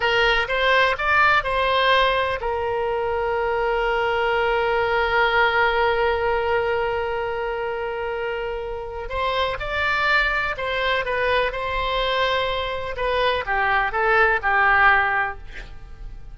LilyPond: \new Staff \with { instrumentName = "oboe" } { \time 4/4 \tempo 4 = 125 ais'4 c''4 d''4 c''4~ | c''4 ais'2.~ | ais'1~ | ais'1~ |
ais'2. c''4 | d''2 c''4 b'4 | c''2. b'4 | g'4 a'4 g'2 | }